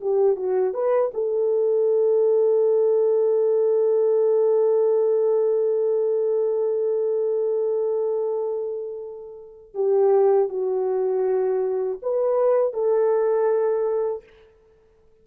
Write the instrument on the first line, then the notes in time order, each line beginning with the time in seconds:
horn
0.00 G4
0.36 F#4
0.74 B4
1.13 A4
9.74 G4
10.49 F#4
12.02 B4
12.73 A4